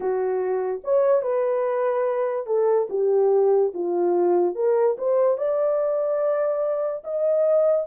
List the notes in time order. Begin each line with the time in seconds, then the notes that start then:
0.00 F#4
0.84 C#5
1.22 B4
2.46 A4
2.89 G4
3.74 F4
4.55 A#4
4.98 C5
5.37 D5
7.04 D#5